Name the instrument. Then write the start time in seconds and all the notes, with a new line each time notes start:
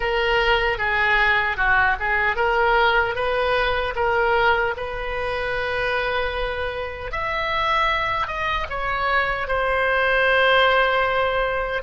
oboe
0.00 A#4
0.78 G#4
1.56 F#4
1.99 G#4
2.36 A#4
3.15 B4
3.95 A#4
4.77 B4
7.11 E5
8.27 D#5
8.69 C#5
9.47 C5